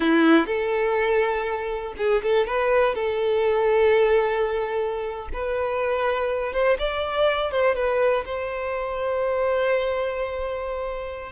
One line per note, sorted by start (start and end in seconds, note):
0.00 0.46 E4
0.46 1.94 A4
1.97 2.22 G#4
2.22 2.46 A4
2.46 2.94 B4
2.94 5.28 A4
5.33 6.52 B4
6.52 6.77 C5
6.78 7.51 D5
7.51 7.75 C5
7.75 8.24 B4
8.25 11.31 C5